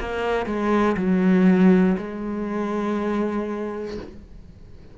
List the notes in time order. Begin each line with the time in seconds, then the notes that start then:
0.00 A#3
0.46 G#3
0.97 F#3
1.98 G#3